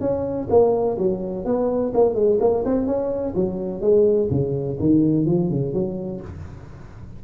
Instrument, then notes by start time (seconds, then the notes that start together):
tuba
0.00 C#4
0.50 A#3
0.98 F#3
1.45 B3
1.94 A#3
2.15 G#3
2.40 A#3
2.65 C4
2.87 C#4
3.35 F#3
3.81 G#3
4.31 C#3
4.80 D#3
5.26 F3
5.50 C#3
5.74 F#3